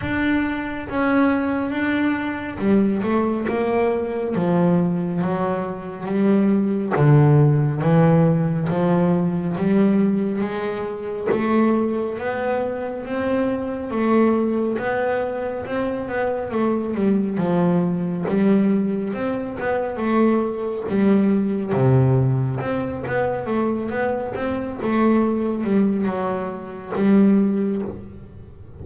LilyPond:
\new Staff \with { instrumentName = "double bass" } { \time 4/4 \tempo 4 = 69 d'4 cis'4 d'4 g8 a8 | ais4 f4 fis4 g4 | d4 e4 f4 g4 | gis4 a4 b4 c'4 |
a4 b4 c'8 b8 a8 g8 | f4 g4 c'8 b8 a4 | g4 c4 c'8 b8 a8 b8 | c'8 a4 g8 fis4 g4 | }